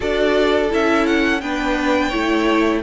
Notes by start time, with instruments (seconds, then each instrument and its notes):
0.00 cello D4, viola F#4, violin A4 D5
0.69 cello C#4, viola E4, violin E5
1.06 violin F#5
1.41 cello B3, viola D4, violin B4 G5
2.08 cello A3, viola E4, violin C#5